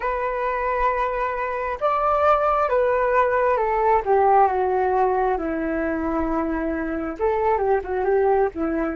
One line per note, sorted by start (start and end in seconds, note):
0.00 1.78 B4
1.80 2.69 D5
2.69 3.57 B4
3.57 4.01 A4
4.05 4.47 G4
4.47 5.37 F#4
5.37 7.16 E4
7.19 7.58 A4
7.58 7.80 G4
7.84 8.04 F#4
8.04 8.49 G4
8.54 8.96 E4